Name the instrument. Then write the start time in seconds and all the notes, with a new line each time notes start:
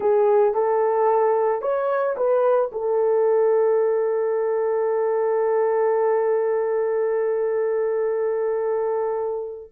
horn
0.00 G#4
0.54 A4
1.61 C#5
2.16 B4
2.71 A4